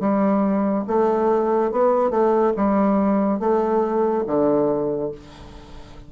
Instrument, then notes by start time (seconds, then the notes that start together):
bassoon
0.00 G3
0.87 A3
1.71 B3
2.10 A3
2.57 G3
3.40 A3
4.27 D3